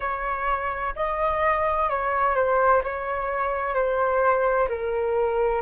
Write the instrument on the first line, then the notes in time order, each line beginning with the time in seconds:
flute
0.00 C#5
0.95 D#5
1.89 C#5
2.35 C5
2.83 C#5
3.74 C5
4.68 A#4